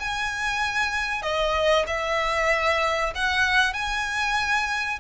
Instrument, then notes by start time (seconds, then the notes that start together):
violin
0.00 G#5
1.23 D#5
1.87 E5
3.16 F#5
3.74 G#5